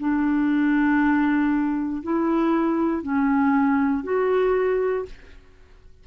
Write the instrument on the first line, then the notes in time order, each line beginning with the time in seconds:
clarinet
0.00 D4
2.03 E4
3.03 C#4
4.04 F#4